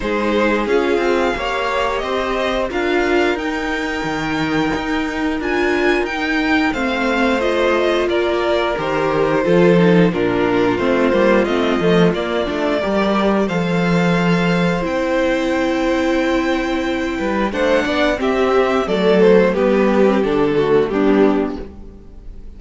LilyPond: <<
  \new Staff \with { instrumentName = "violin" } { \time 4/4 \tempo 4 = 89 c''4 f''2 dis''4 | f''4 g''2. | gis''4 g''4 f''4 dis''4 | d''4 c''2 ais'4 |
c''4 dis''4 d''2 | f''2 g''2~ | g''2 fis''4 e''4 | d''8 c''8 b'4 a'4 g'4 | }
  \new Staff \with { instrumentName = "violin" } { \time 4/4 gis'2 cis''4 c''4 | ais'1~ | ais'2 c''2 | ais'2 a'4 f'4~ |
f'2. ais'4 | c''1~ | c''4. b'8 c''8 d''8 g'4 | a'4 g'4. fis'8 d'4 | }
  \new Staff \with { instrumentName = "viola" } { \time 4/4 dis'4 f'4 g'2 | f'4 dis'2. | f'4 dis'4 c'4 f'4~ | f'4 g'4 f'8 dis'8 d'4 |
c'8 ais8 c'8 a8 ais8 d'8 g'4 | a'2 e'2~ | e'2 d'4 c'4 | a4 b8. c'16 d'8 a8 b4 | }
  \new Staff \with { instrumentName = "cello" } { \time 4/4 gis4 cis'8 c'8 ais4 c'4 | d'4 dis'4 dis4 dis'4 | d'4 dis'4 a2 | ais4 dis4 f4 ais,4 |
a8 g8 a8 f8 ais8 a8 g4 | f2 c'2~ | c'4. g8 a8 b8 c'4 | fis4 g4 d4 g4 | }
>>